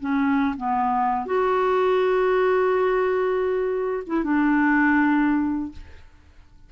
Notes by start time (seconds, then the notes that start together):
0.00 C#4
0.57 B3
1.26 F#4
4.06 E4
4.24 D4